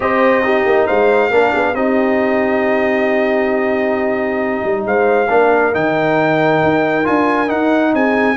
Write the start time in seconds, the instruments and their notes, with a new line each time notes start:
0.00 tuba C4, trombone G4, horn C5, trumpet D#5
0.42 trombone D#4, horn G4
0.65 tuba A#3
0.85 tuba G#3, horn C5, trumpet F5
1.30 tuba A#3, trombone D4, horn A#4
1.51 tuba B3, horn G#4
1.74 tuba C4, trombone D#4, horn G4, trumpet D#5
4.64 tuba G3
4.85 tuba G#3, horn C5, trumpet F5
5.28 tuba A#3, trombone D4, horn A#4
5.73 tuba D#3, trombone D#4, trumpet G5
6.63 tuba D#4
7.04 tuba D4, trombone F4, trumpet G#5
7.47 trombone D#4, tuba D#4, trumpet F#5
7.93 tuba C4, horn G#4, trumpet G#5